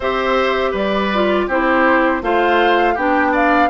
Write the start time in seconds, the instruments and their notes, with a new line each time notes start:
0.00 bassoon C4, clarinet G4, oboe C5, flute E5
0.71 bassoon G3, oboe B4, flute D5
1.13 clarinet F4
1.47 bassoon C4, clarinet E4, oboe G4, flute C5
2.22 bassoon A3, clarinet F4, oboe C5, flute F5
2.94 bassoon B3, clarinet D4, oboe G4, flute G5
3.32 oboe D5, flute F5